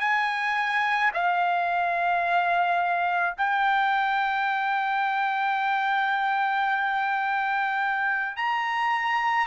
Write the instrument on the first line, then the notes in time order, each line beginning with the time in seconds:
trumpet
0.00 G#5
1.14 F5
3.37 G5
8.36 A#5